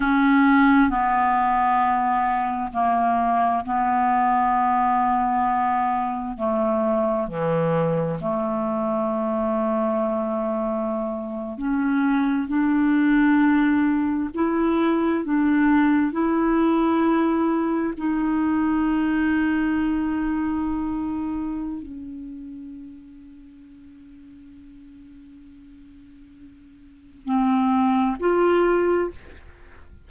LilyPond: \new Staff \with { instrumentName = "clarinet" } { \time 4/4 \tempo 4 = 66 cis'4 b2 ais4 | b2. a4 | e4 a2.~ | a8. cis'4 d'2 e'16~ |
e'8. d'4 e'2 dis'16~ | dis'1 | cis'1~ | cis'2 c'4 f'4 | }